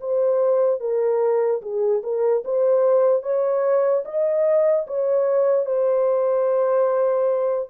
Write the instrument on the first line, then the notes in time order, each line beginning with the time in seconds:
horn
0.00 C5
0.80 A#4
1.62 G#4
2.03 A#4
2.45 C5
3.23 C#5
4.05 D#5
4.87 C#5
5.66 C5